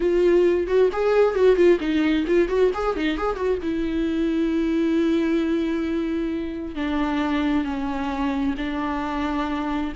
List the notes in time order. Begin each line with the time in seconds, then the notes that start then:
0.00 F4
0.67 F#4
0.92 G#4
1.34 F#4
1.56 F4
1.80 D#4
2.27 F4
2.48 F#4
2.74 G#4
2.96 D#4
3.17 G#4
3.35 F#4
3.62 E4
6.75 D4
7.64 C#4
8.57 D4